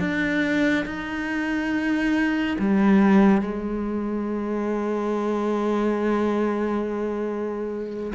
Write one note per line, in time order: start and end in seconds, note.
0.00 0.86 D4
0.86 2.57 D#4
2.59 3.42 G3
3.42 8.13 G#3